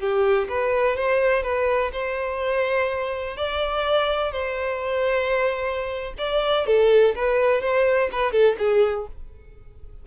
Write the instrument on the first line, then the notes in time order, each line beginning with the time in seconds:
violin
0.00 G4
0.49 B4
0.97 C5
1.43 B4
1.93 C5
3.37 D5
4.33 C5
6.18 D5
6.67 A4
7.16 B4
7.62 C5
8.12 B4
8.32 A4
8.59 G#4